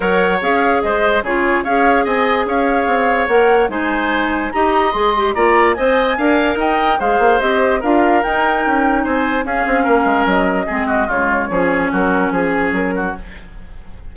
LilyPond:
<<
  \new Staff \with { instrumentName = "flute" } { \time 4/4 \tempo 4 = 146 fis''4 f''4 dis''4 cis''4 | f''4 gis''4 f''2 | fis''4 gis''2 ais''4 | c'''4 ais''4 gis''2 |
g''4 f''4 dis''4 f''4 | g''2 gis''4 f''4~ | f''4 dis''2 cis''4~ | cis''4 ais'4 gis'4 ais'4 | }
  \new Staff \with { instrumentName = "oboe" } { \time 4/4 cis''2 c''4 gis'4 | cis''4 dis''4 cis''2~ | cis''4 c''2 dis''4~ | dis''4 d''4 dis''4 f''4 |
dis''4 c''2 ais'4~ | ais'2 c''4 gis'4 | ais'2 gis'8 fis'8 f'4 | gis'4 fis'4 gis'4. fis'8 | }
  \new Staff \with { instrumentName = "clarinet" } { \time 4/4 ais'4 gis'2 f'4 | gis'1 | ais'4 dis'2 g'4 | gis'8 g'8 f'4 c''4 ais'4~ |
ais'4 gis'4 g'4 f'4 | dis'2. cis'4~ | cis'2 c'4 gis4 | cis'1 | }
  \new Staff \with { instrumentName = "bassoon" } { \time 4/4 fis4 cis'4 gis4 cis4 | cis'4 c'4 cis'4 c'4 | ais4 gis2 dis'4 | gis4 ais4 c'4 d'4 |
dis'4 gis8 ais8 c'4 d'4 | dis'4 cis'4 c'4 cis'8 c'8 | ais8 gis8 fis4 gis4 cis4 | f4 fis4 f4 fis4 | }
>>